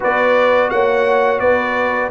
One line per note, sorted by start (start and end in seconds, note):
0.00 0.71 B3
0.00 2.10 F#4
0.00 0.70 B4
0.00 0.70 D5
0.70 1.40 A#3
0.70 1.41 C#5
0.70 1.39 F#5
1.39 2.10 B3
1.39 2.10 B4
1.39 2.10 D5